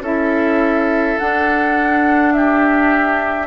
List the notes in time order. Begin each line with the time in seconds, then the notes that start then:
0.00 C#4 E4 A4 E5
1.18 D4 F#5
2.32 G4 E5